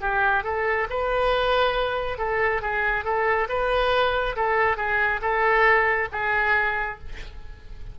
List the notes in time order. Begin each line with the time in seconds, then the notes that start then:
0.00 G4
0.43 A4
0.89 B4
2.18 A4
2.62 G#4
3.04 A4
3.49 B4
4.36 A4
4.77 G#4
5.21 A4
6.12 G#4